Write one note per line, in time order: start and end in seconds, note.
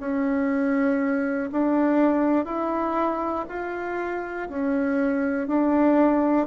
0.00 1.50 C#4
1.52 2.45 D4
2.45 3.45 E4
3.48 4.48 F4
4.49 5.48 C#4
5.48 6.47 D4